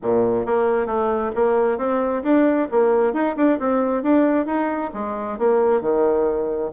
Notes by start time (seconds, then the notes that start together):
0.02 A#2
0.46 A#3
0.86 A3
1.35 A#3
1.77 C4
2.23 D4
2.71 A#3
3.13 D#4
3.36 D4
3.59 C4
4.02 D4
4.46 D#4
4.93 G#3
5.38 A#3
5.81 D#3